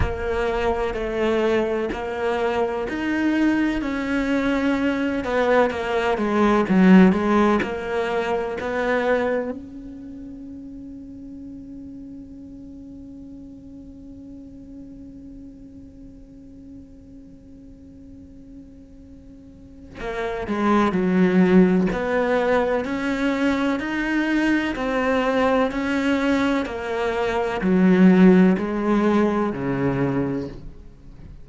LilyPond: \new Staff \with { instrumentName = "cello" } { \time 4/4 \tempo 4 = 63 ais4 a4 ais4 dis'4 | cis'4. b8 ais8 gis8 fis8 gis8 | ais4 b4 cis'2~ | cis'1~ |
cis'1~ | cis'4 ais8 gis8 fis4 b4 | cis'4 dis'4 c'4 cis'4 | ais4 fis4 gis4 cis4 | }